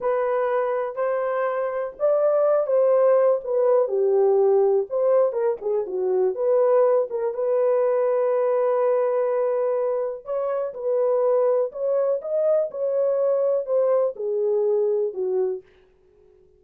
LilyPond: \new Staff \with { instrumentName = "horn" } { \time 4/4 \tempo 4 = 123 b'2 c''2 | d''4. c''4. b'4 | g'2 c''4 ais'8 gis'8 | fis'4 b'4. ais'8 b'4~ |
b'1~ | b'4 cis''4 b'2 | cis''4 dis''4 cis''2 | c''4 gis'2 fis'4 | }